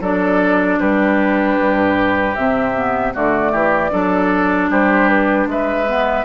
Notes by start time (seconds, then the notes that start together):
0.00 F#3 D4 A4 D5
0.79 G3 G4 B4
1.59 G2
2.35 C3 C4 E5
2.74 B3
3.13 D3 A3 F#4 D5
3.51 E3 G4
3.91 F#3 D4 A4
4.69 G3 G4 C5
5.08 B4
5.46 G#3 B4 E5
5.86 B3